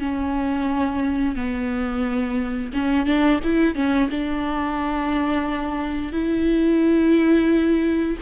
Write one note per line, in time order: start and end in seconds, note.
0.00 1.36 C#4
1.36 2.73 B3
2.74 3.07 C#4
3.07 3.41 D4
3.44 3.75 E4
3.75 4.09 C#4
4.11 6.13 D4
6.13 8.17 E4